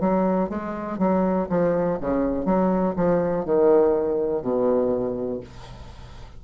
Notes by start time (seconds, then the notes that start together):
0.00 F#3
0.49 G#3
0.98 F#3
1.49 F3
2.00 C#3
2.45 F#3
2.96 F3
3.45 D#3
4.42 B2